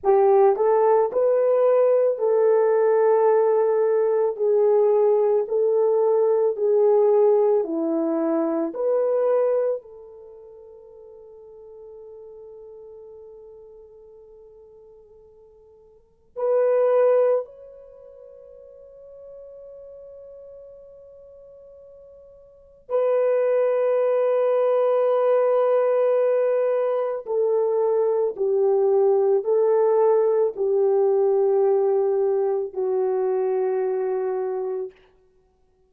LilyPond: \new Staff \with { instrumentName = "horn" } { \time 4/4 \tempo 4 = 55 g'8 a'8 b'4 a'2 | gis'4 a'4 gis'4 e'4 | b'4 a'2.~ | a'2. b'4 |
cis''1~ | cis''4 b'2.~ | b'4 a'4 g'4 a'4 | g'2 fis'2 | }